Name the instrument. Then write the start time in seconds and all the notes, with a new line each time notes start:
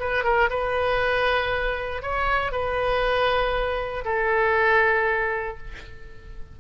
oboe
0.00 B4
0.24 A#4
0.50 B4
2.03 C#5
2.52 B4
4.05 A4